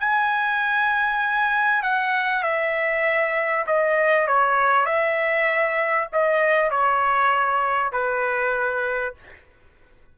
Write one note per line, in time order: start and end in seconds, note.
0.00 1.83 G#5
1.83 2.43 F#5
2.43 3.65 E5
3.67 4.28 D#5
4.28 4.86 C#5
4.86 6.08 E5
6.13 6.71 D#5
6.71 7.93 C#5
7.93 9.15 B4